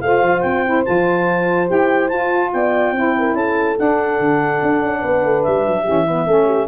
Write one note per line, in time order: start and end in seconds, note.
0.00 0.22 A3
0.00 0.65 F4
0.00 2.53 C5
0.00 0.40 F5
0.22 0.42 F3
0.40 0.85 C4
0.40 0.82 G5
0.65 0.85 E4
0.85 1.70 F3
0.85 1.67 F4
0.85 1.68 A5
1.67 2.12 E4
1.67 2.08 G4
1.67 2.08 G5
2.08 2.53 F4
2.08 2.95 F4
2.08 2.50 A5
2.52 2.91 B3
2.52 2.96 D5
2.52 3.35 G5
2.91 3.33 C4
2.91 3.75 E4
2.91 3.17 C5
3.18 3.36 A#4
3.33 3.75 C#4
3.33 5.00 A4
3.33 3.76 A5
3.75 5.84 D4
3.75 4.19 D4
3.75 5.43 F#5
4.19 4.61 D3
4.62 4.82 D4
4.82 5.02 C#4
5.00 5.24 B3
5.00 5.83 B4
5.24 5.44 A3
5.43 5.67 G3
5.43 6.67 E5
5.67 5.88 F#3
5.83 6.26 E3
5.83 6.05 C#4
5.83 6.03 G4
6.07 6.27 B3
6.07 6.26 B4
6.26 6.67 A3
6.26 6.67 C#4
6.26 6.45 A4
6.45 6.66 G4